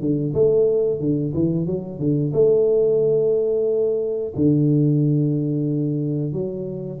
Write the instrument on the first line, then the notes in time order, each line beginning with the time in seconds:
tuba
0.00 D3
0.34 A3
1.00 D3
1.34 E3
1.66 F#3
1.99 D3
2.33 A3
4.35 D3
6.32 F#3